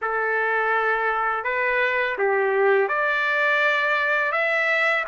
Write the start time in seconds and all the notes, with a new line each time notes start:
0.01 A4
1.44 B4
2.18 G4
2.88 D5
4.32 E5